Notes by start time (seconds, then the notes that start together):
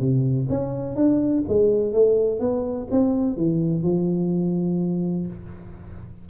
0.00 C3
0.49 C#4
0.96 D4
1.48 G#3
1.93 A3
2.40 B3
2.91 C4
3.36 E3
3.83 F3